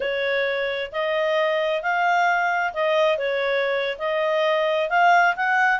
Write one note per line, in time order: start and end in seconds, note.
0.00 0.91 C#5
0.92 1.82 D#5
1.82 2.73 F5
2.73 3.18 D#5
3.18 3.97 C#5
3.98 4.89 D#5
4.89 5.35 F5
5.35 5.80 F#5